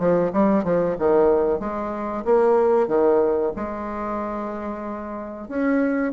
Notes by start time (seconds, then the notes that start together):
0.00 F3
0.33 G3
0.65 F3
0.99 D#3
1.60 G#3
2.25 A#3
2.88 D#3
3.56 G#3
5.49 C#4